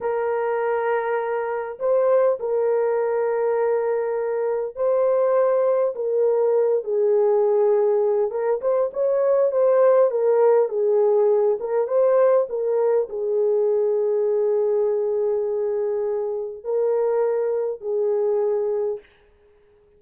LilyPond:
\new Staff \with { instrumentName = "horn" } { \time 4/4 \tempo 4 = 101 ais'2. c''4 | ais'1 | c''2 ais'4. gis'8~ | gis'2 ais'8 c''8 cis''4 |
c''4 ais'4 gis'4. ais'8 | c''4 ais'4 gis'2~ | gis'1 | ais'2 gis'2 | }